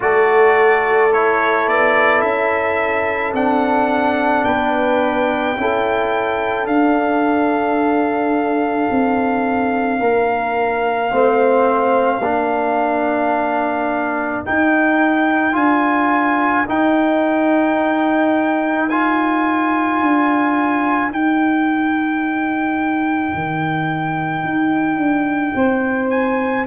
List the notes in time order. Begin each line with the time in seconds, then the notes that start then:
0.00 A3 F#4 A4 D5
1.12 E4 C#5
1.66 B3 D5
2.21 C#4 E5
3.32 C4 D4 F#5
4.44 B3 B4 G5
5.56 C#4 E4 A4
6.65 D4 F5
8.90 C4
9.99 A#3 A#4
11.10 A3 C4 C5
12.19 A#3 D4 A#4
14.45 D#4 G5
15.52 D4 F4 G#5
16.67 D#4 G5
18.89 F4 G#5
20.00 D4
21.10 D#4 G5
23.34 D#3
24.43 D#4
24.97 D4
25.54 C4 C5
26.10 G#5